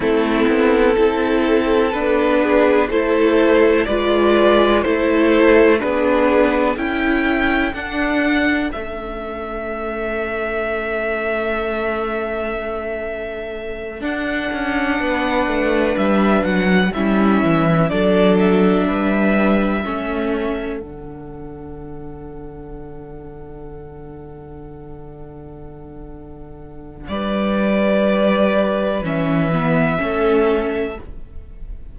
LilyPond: <<
  \new Staff \with { instrumentName = "violin" } { \time 4/4 \tempo 4 = 62 a'2 b'4 c''4 | d''4 c''4 b'4 g''4 | fis''4 e''2.~ | e''2~ e''8 fis''4.~ |
fis''8 e''8 fis''8 e''4 d''8 e''4~ | e''4. fis''2~ fis''8~ | fis''1 | d''2 e''2 | }
  \new Staff \with { instrumentName = "violin" } { \time 4/4 e'4 a'4. gis'8 a'4 | b'4 a'4 gis'4 a'4~ | a'1~ | a'2.~ a'8 b'8~ |
b'4. e'4 a'4 b'8~ | b'8 a'2.~ a'8~ | a'1 | b'2. a'4 | }
  \new Staff \with { instrumentName = "viola" } { \time 4/4 c'4 e'4 d'4 e'4 | f'4 e'4 d'4 e'4 | d'4 cis'2.~ | cis'2~ cis'8 d'4.~ |
d'4. cis'4 d'4.~ | d'8 cis'4 d'2~ d'8~ | d'1~ | d'2 cis'8 b8 cis'4 | }
  \new Staff \with { instrumentName = "cello" } { \time 4/4 a8 b8 c'4 b4 a4 | gis4 a4 b4 cis'4 | d'4 a2.~ | a2~ a8 d'8 cis'8 b8 |
a8 g8 fis8 g8 e8 fis4 g8~ | g8 a4 d2~ d8~ | d1 | g2 e4 a4 | }
>>